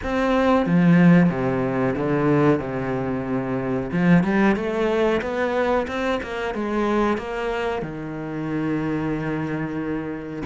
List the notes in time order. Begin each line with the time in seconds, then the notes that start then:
0.03 C4
0.66 F3
1.29 C3
1.96 D3
2.59 C3
3.92 F3
4.23 G3
4.56 A3
5.21 B3
5.87 C4
6.22 A#3
6.54 G#3
7.17 A#3
7.81 D#3